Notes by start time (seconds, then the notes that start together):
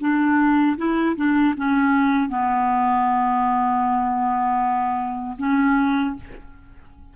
0.00 D4
0.78 E4
1.16 D4
1.57 C#4
2.29 B3
5.39 C#4